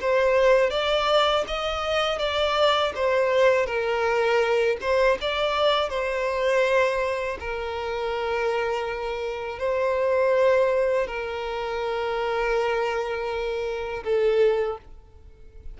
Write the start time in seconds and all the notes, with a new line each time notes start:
0.00 C5
0.70 D5
1.47 D#5
2.18 D5
2.95 C5
3.66 A#4
4.80 C5
5.21 D5
5.89 C5
7.39 A#4
9.59 C5
11.07 A#4
14.03 A4